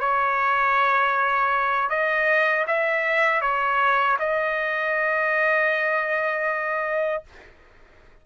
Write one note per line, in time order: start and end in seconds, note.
0.00 1.90 C#5
1.90 2.65 D#5
2.67 3.41 E5
3.41 4.17 C#5
4.19 7.23 D#5